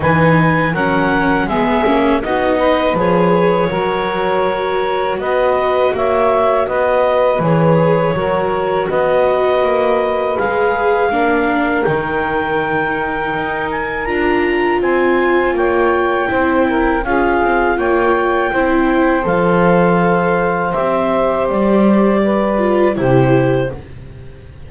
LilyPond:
<<
  \new Staff \with { instrumentName = "clarinet" } { \time 4/4 \tempo 4 = 81 gis''4 fis''4 e''4 dis''4 | cis''2. dis''4 | e''4 dis''4 cis''2 | dis''2 f''2 |
g''2~ g''8 gis''8 ais''4 | gis''4 g''2 f''4 | g''2 f''2 | e''4 d''2 c''4 | }
  \new Staff \with { instrumentName = "saxophone" } { \time 4/4 b'4 ais'4 gis'4 fis'8 b'8~ | b'4 ais'2 b'4 | cis''4 b'2 ais'4 | b'2. ais'4~ |
ais'1 | c''4 cis''4 c''8 ais'8 gis'4 | cis''4 c''2.~ | c''2 b'4 g'4 | }
  \new Staff \with { instrumentName = "viola" } { \time 4/4 dis'4 cis'4 b8 cis'8 dis'4 | gis'4 fis'2.~ | fis'2 gis'4 fis'4~ | fis'2 gis'4 d'4 |
dis'2. f'4~ | f'2 e'4 f'4~ | f'4 e'4 a'2 | g'2~ g'8 f'8 e'4 | }
  \new Staff \with { instrumentName = "double bass" } { \time 4/4 e4 fis4 gis8 ais8 b4 | f4 fis2 b4 | ais4 b4 e4 fis4 | b4 ais4 gis4 ais4 |
dis2 dis'4 d'4 | c'4 ais4 c'4 cis'8 c'8 | ais4 c'4 f2 | c'4 g2 c4 | }
>>